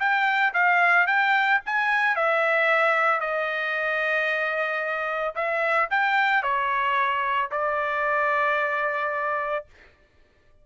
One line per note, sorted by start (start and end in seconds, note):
0.00 0.54 G5
0.54 1.07 F5
1.07 1.61 G5
1.66 2.16 G#5
2.16 3.21 E5
3.21 5.35 D#5
5.35 5.89 E5
5.91 6.43 G5
6.43 7.50 C#5
7.52 9.66 D5